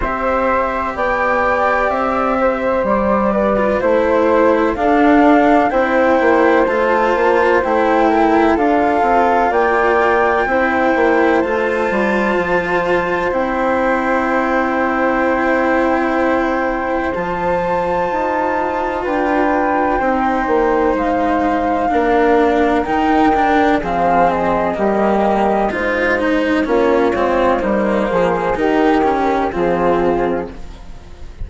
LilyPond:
<<
  \new Staff \with { instrumentName = "flute" } { \time 4/4 \tempo 4 = 63 e''4 g''4 e''4 d''4 | c''4 f''4 g''4 a''4 | g''4 f''4 g''2 | a''2 g''2~ |
g''2 a''2 | g''2 f''2 | g''4 f''8 dis''4. c''4 | cis''4 c''4 ais'4 gis'4 | }
  \new Staff \with { instrumentName = "flute" } { \time 4/4 c''4 d''4. c''4 b'8 | c''4 a'4 c''2~ | c''8 ais'8 a'4 d''4 c''4~ | c''1~ |
c''1 | b'4 c''2 ais'4~ | ais'4 gis'4 g'4 dis'4 | f'4 dis'8 gis'8 g'4 f'4 | }
  \new Staff \with { instrumentName = "cello" } { \time 4/4 g'2.~ g'8. f'16 | e'4 d'4 e'4 f'4 | e'4 f'2 e'4 | f'2 e'2~ |
e'2 f'2~ | f'4 dis'2 d'4 | dis'8 d'8 c'4 ais4 f'8 dis'8 | cis'8 c'8 ais4 dis'8 cis'8 c'4 | }
  \new Staff \with { instrumentName = "bassoon" } { \time 4/4 c'4 b4 c'4 g4 | a4 d'4 c'8 ais8 a8 ais8 | a4 d'8 c'8 ais4 c'8 ais8 | a8 g8 f4 c'2~ |
c'2 f4 dis'4 | d'4 c'8 ais8 gis4 ais4 | dis4 f4 g4 gis4 | ais8 gis8 g8 f8 dis4 f4 | }
>>